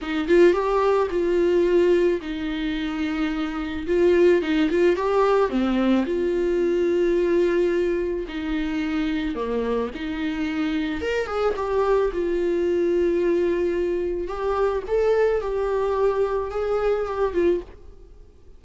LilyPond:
\new Staff \with { instrumentName = "viola" } { \time 4/4 \tempo 4 = 109 dis'8 f'8 g'4 f'2 | dis'2. f'4 | dis'8 f'8 g'4 c'4 f'4~ | f'2. dis'4~ |
dis'4 ais4 dis'2 | ais'8 gis'8 g'4 f'2~ | f'2 g'4 a'4 | g'2 gis'4 g'8 f'8 | }